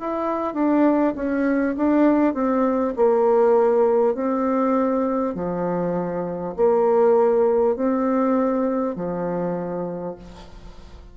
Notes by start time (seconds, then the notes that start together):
0.00 E4
0.54 D4
1.16 C#4
1.77 D4
2.34 C4
2.97 A#3
4.15 C4
5.35 F3
6.57 A#3
7.76 C4
8.96 F3